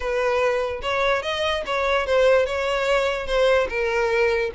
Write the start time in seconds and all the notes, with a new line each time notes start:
0.00 B4
0.81 C#5
1.22 D#5
1.66 C#5
2.06 C5
2.46 C#5
3.26 C5
3.69 A#4